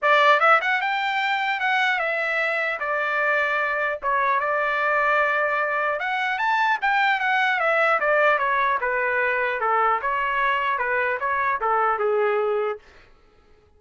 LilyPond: \new Staff \with { instrumentName = "trumpet" } { \time 4/4 \tempo 4 = 150 d''4 e''8 fis''8 g''2 | fis''4 e''2 d''4~ | d''2 cis''4 d''4~ | d''2. fis''4 |
a''4 g''4 fis''4 e''4 | d''4 cis''4 b'2 | a'4 cis''2 b'4 | cis''4 a'4 gis'2 | }